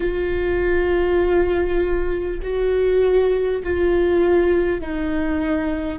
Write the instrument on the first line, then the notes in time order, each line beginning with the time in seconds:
viola
0.00 F4
2.42 F#4
3.63 F4
4.81 D#4